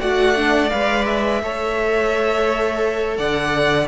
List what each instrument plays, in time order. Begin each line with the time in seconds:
0.00 cello A3, viola F#4, violin D5 F#5
0.36 viola D4
0.70 cello G#3, viola B4, violin F5
1.06 violin E5
1.42 cello A3, viola A4, violin C#5
3.17 cello D3, violin D5 F#5